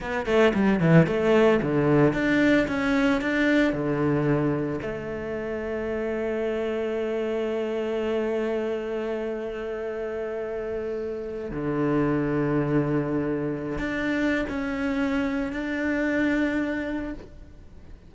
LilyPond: \new Staff \with { instrumentName = "cello" } { \time 4/4 \tempo 4 = 112 b8 a8 g8 e8 a4 d4 | d'4 cis'4 d'4 d4~ | d4 a2.~ | a1~ |
a1~ | a4. d2~ d8~ | d4.~ d16 d'4~ d'16 cis'4~ | cis'4 d'2. | }